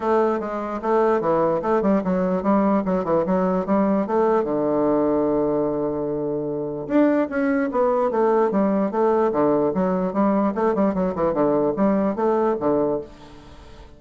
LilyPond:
\new Staff \with { instrumentName = "bassoon" } { \time 4/4 \tempo 4 = 148 a4 gis4 a4 e4 | a8 g8 fis4 g4 fis8 e8 | fis4 g4 a4 d4~ | d1~ |
d4 d'4 cis'4 b4 | a4 g4 a4 d4 | fis4 g4 a8 g8 fis8 e8 | d4 g4 a4 d4 | }